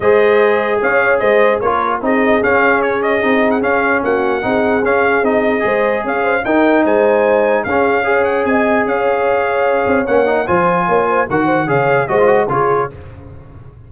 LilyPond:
<<
  \new Staff \with { instrumentName = "trumpet" } { \time 4/4 \tempo 4 = 149 dis''2 f''4 dis''4 | cis''4 dis''4 f''4 cis''8 dis''8~ | dis''8. fis''16 f''4 fis''2 | f''4 dis''2 f''4 |
g''4 gis''2 f''4~ | f''8 fis''8 gis''4 f''2~ | f''4 fis''4 gis''2 | fis''4 f''4 dis''4 cis''4 | }
  \new Staff \with { instrumentName = "horn" } { \time 4/4 c''2 cis''4 c''4 | ais'4 gis'2.~ | gis'2 fis'4 gis'4~ | gis'2 c''4 cis''8 c''8 |
ais'4 c''2 gis'4 | cis''4 dis''4 cis''2~ | cis''2 c''4 cis''8 c''8 | ais'8 c''8 cis''4 c''4 gis'4 | }
  \new Staff \with { instrumentName = "trombone" } { \time 4/4 gis'1 | f'4 dis'4 cis'2 | dis'4 cis'2 dis'4 | cis'4 dis'4 gis'2 |
dis'2. cis'4 | gis'1~ | gis'4 cis'8 dis'8 f'2 | fis'4 gis'4 fis'16 f'16 fis'8 f'4 | }
  \new Staff \with { instrumentName = "tuba" } { \time 4/4 gis2 cis'4 gis4 | ais4 c'4 cis'2 | c'4 cis'4 ais4 c'4 | cis'4 c'4 gis4 cis'4 |
dis'4 gis2 cis'4~ | cis'4 c'4 cis'2~ | cis'8 c'8 ais4 f4 ais4 | dis4 cis4 gis4 cis4 | }
>>